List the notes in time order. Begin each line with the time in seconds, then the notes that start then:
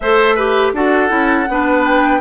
0.00 A3 A4 C5 E5
0.35 G4 B4
0.73 D4 F#4 A4 F#5
1.08 C#4 E4
1.49 B3 D4 B4
1.84 G5